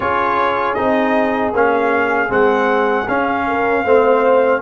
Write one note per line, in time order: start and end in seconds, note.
0.00 0.77 C#4
0.00 0.76 F4
0.00 3.44 G#4
0.00 0.74 C#5
0.74 1.52 C4
0.74 1.53 D#4
0.74 1.51 D#5
1.52 2.29 A#3
1.52 2.28 C#4
1.52 2.31 F5
2.28 3.07 G#3
2.28 3.05 C4
2.28 3.08 F#5
3.08 3.84 C#4
3.08 3.85 C#4
3.08 4.62 F5
3.47 3.83 A#4
3.83 4.61 A3
3.83 4.62 C4
3.83 4.60 C5